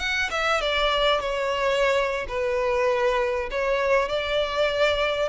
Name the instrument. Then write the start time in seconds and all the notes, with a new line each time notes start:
violin
0.00 F#5
0.31 E5
0.61 D5
1.20 C#5
2.28 B4
3.51 C#5
4.09 D5